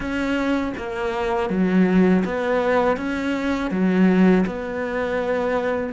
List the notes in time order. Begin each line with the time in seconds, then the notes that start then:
0.00 C#4
0.77 A#3
1.49 F#3
2.25 B3
2.96 C#4
3.70 F#3
4.46 B3